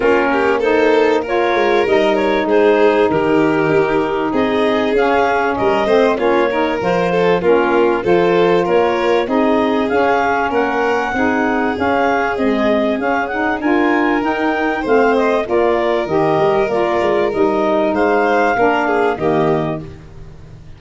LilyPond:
<<
  \new Staff \with { instrumentName = "clarinet" } { \time 4/4 \tempo 4 = 97 ais'4 c''4 cis''4 dis''8 cis''8 | c''4 ais'2 dis''4 | f''4 dis''4 cis''4 c''4 | ais'4 c''4 cis''4 dis''4 |
f''4 fis''2 f''4 | dis''4 f''8 fis''8 gis''4 g''4 | f''8 dis''8 d''4 dis''4 d''4 | dis''4 f''2 dis''4 | }
  \new Staff \with { instrumentName = "violin" } { \time 4/4 f'8 g'8 a'4 ais'2 | gis'4 g'2 gis'4~ | gis'4 ais'8 c''8 f'8 ais'4 a'8 | f'4 a'4 ais'4 gis'4~ |
gis'4 ais'4 gis'2~ | gis'2 ais'2 | c''4 ais'2.~ | ais'4 c''4 ais'8 gis'8 g'4 | }
  \new Staff \with { instrumentName = "saxophone" } { \time 4/4 cis'4 dis'4 f'4 dis'4~ | dis'1 | cis'4. c'8 cis'8 dis'8 f'4 | cis'4 f'2 dis'4 |
cis'2 dis'4 cis'4 | gis4 cis'8 dis'8 f'4 dis'4 | c'4 f'4 g'4 f'4 | dis'2 d'4 ais4 | }
  \new Staff \with { instrumentName = "tuba" } { \time 4/4 ais2~ ais8 gis8 g4 | gis4 dis4 dis'4 c'4 | cis'4 g8 a8 ais4 f4 | ais4 f4 ais4 c'4 |
cis'4 ais4 c'4 cis'4 | c'4 cis'4 d'4 dis'4 | a4 ais4 dis8 g8 ais8 gis8 | g4 gis4 ais4 dis4 | }
>>